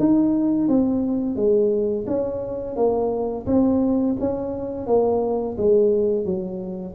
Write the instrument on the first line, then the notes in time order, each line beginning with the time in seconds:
tuba
0.00 D#4
0.69 C4
1.36 G#3
2.07 C#4
2.77 A#3
3.47 C4
4.20 C#4
4.87 A#3
5.58 G#3
6.25 F#3